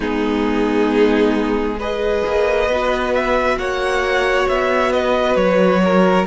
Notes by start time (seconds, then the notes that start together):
0.00 G#3 B3 D#4 G#4
1.78 G#4 B4 D#5
2.24 A#3
2.67 B3 F#4
3.14 E5
3.57 A#3 C#5 F#5
4.48 B3 E5
4.92 B4 D#5
5.35 F#3 C#5
5.84 A#4